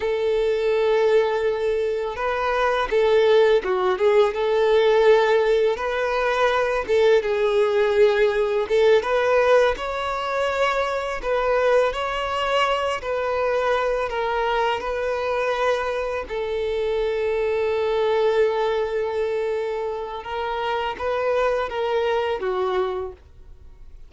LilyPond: \new Staff \with { instrumentName = "violin" } { \time 4/4 \tempo 4 = 83 a'2. b'4 | a'4 fis'8 gis'8 a'2 | b'4. a'8 gis'2 | a'8 b'4 cis''2 b'8~ |
b'8 cis''4. b'4. ais'8~ | ais'8 b'2 a'4.~ | a'1 | ais'4 b'4 ais'4 fis'4 | }